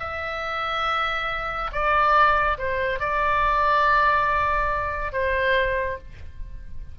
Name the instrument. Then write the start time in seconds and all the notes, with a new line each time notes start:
oboe
0.00 E5
1.72 D5
2.59 C5
3.00 D5
5.13 C5